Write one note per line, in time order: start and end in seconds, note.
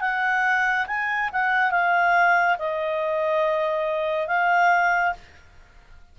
0.00 0.86 F#5
0.86 1.29 G#5
1.32 1.71 F#5
1.71 2.56 F5
2.58 4.27 D#5
4.27 5.13 F5